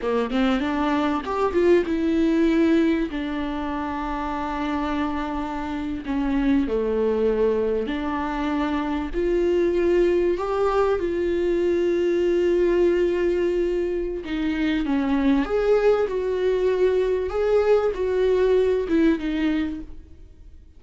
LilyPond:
\new Staff \with { instrumentName = "viola" } { \time 4/4 \tempo 4 = 97 ais8 c'8 d'4 g'8 f'8 e'4~ | e'4 d'2.~ | d'4.~ d'16 cis'4 a4~ a16~ | a8. d'2 f'4~ f'16~ |
f'8. g'4 f'2~ f'16~ | f'2. dis'4 | cis'4 gis'4 fis'2 | gis'4 fis'4. e'8 dis'4 | }